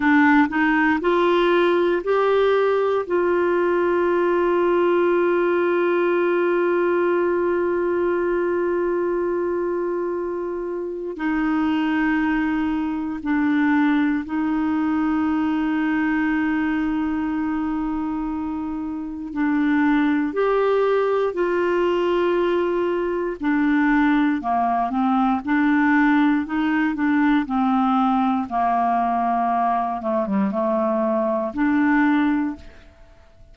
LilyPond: \new Staff \with { instrumentName = "clarinet" } { \time 4/4 \tempo 4 = 59 d'8 dis'8 f'4 g'4 f'4~ | f'1~ | f'2. dis'4~ | dis'4 d'4 dis'2~ |
dis'2. d'4 | g'4 f'2 d'4 | ais8 c'8 d'4 dis'8 d'8 c'4 | ais4. a16 g16 a4 d'4 | }